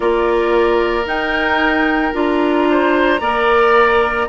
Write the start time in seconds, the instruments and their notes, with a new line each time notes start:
0.00 bassoon A#3, clarinet F4, oboe A#4, flute D5
1.05 bassoon D#4, clarinet D#4, flute G5
2.13 bassoon D4, clarinet F4, flute A#5
2.70 oboe C5
3.20 bassoon A#3, clarinet A#4, oboe D5